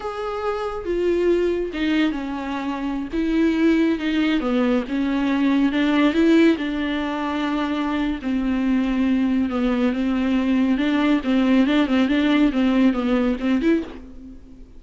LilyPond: \new Staff \with { instrumentName = "viola" } { \time 4/4 \tempo 4 = 139 gis'2 f'2 | dis'4 cis'2~ cis'16 e'8.~ | e'4~ e'16 dis'4 b4 cis'8.~ | cis'4~ cis'16 d'4 e'4 d'8.~ |
d'2. c'4~ | c'2 b4 c'4~ | c'4 d'4 c'4 d'8 c'8 | d'4 c'4 b4 c'8 e'8 | }